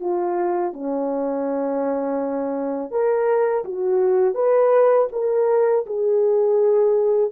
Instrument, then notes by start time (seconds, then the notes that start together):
horn
0.00 F4
0.73 C#4
2.91 A#4
3.65 F#4
4.35 B4
5.12 A#4
5.86 G#4